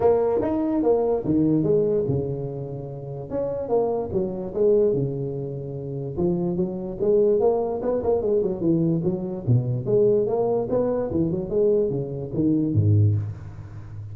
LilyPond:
\new Staff \with { instrumentName = "tuba" } { \time 4/4 \tempo 4 = 146 ais4 dis'4 ais4 dis4 | gis4 cis2. | cis'4 ais4 fis4 gis4 | cis2. f4 |
fis4 gis4 ais4 b8 ais8 | gis8 fis8 e4 fis4 b,4 | gis4 ais4 b4 e8 fis8 | gis4 cis4 dis4 gis,4 | }